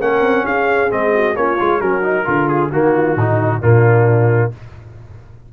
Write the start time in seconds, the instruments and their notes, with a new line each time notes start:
0.00 tuba A#3, trombone C#4, horn A#4, trumpet F#5
0.21 tuba C4
0.45 tuba C#4, horn G#4, trumpet F5
0.89 tuba G#3, trombone C4, trumpet D#5
1.14 horn F#4
1.35 tuba A#3, trombone C#4, horn F4, trumpet C#5
1.59 tuba G#3, trombone F4
1.80 tuba F#3, trombone C#4, horn F#4, trumpet A#4
2.02 trombone D#4
2.25 tuba D3, trombone F4, horn F4
2.48 trumpet G#4
2.72 tuba D#3, trombone A#3, horn F#4, trumpet F#4
2.94 horn F4
3.16 tuba A2, horn D#4, trombone D#4
3.61 tuba A#2, trombone A#3, horn D4, trumpet F4